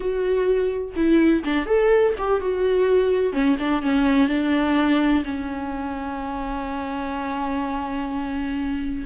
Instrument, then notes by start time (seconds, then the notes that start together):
viola
0.00 F#4
0.96 E4
1.44 D4
1.66 A4
2.18 G4
2.40 F#4
3.32 C#4
3.59 D4
3.82 C#4
4.28 D4
5.24 C#4